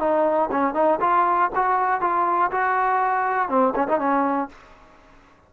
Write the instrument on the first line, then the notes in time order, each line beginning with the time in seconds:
trombone
0.00 D#4
0.52 C#4
0.75 D#4
1.01 F4
1.56 F#4
2.01 F4
2.52 F#4
3.49 C4
3.76 C#4
3.88 D#4
4.00 C#4